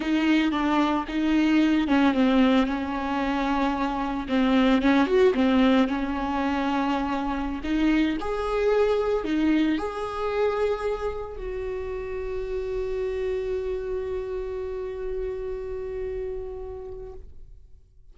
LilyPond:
\new Staff \with { instrumentName = "viola" } { \time 4/4 \tempo 4 = 112 dis'4 d'4 dis'4. cis'8 | c'4 cis'2. | c'4 cis'8 fis'8 c'4 cis'4~ | cis'2~ cis'16 dis'4 gis'8.~ |
gis'4~ gis'16 dis'4 gis'4.~ gis'16~ | gis'4~ gis'16 fis'2~ fis'8.~ | fis'1~ | fis'1 | }